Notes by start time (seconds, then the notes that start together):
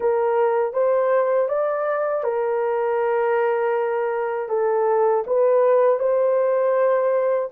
0.00 A#4
0.73 C5
1.48 D5
2.23 A#4
4.48 A4
5.26 B4
5.99 C5